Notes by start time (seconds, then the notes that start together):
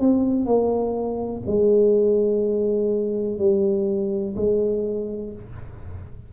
0.00 C4
0.46 A#3
1.46 G#3
3.38 G3
4.36 G#3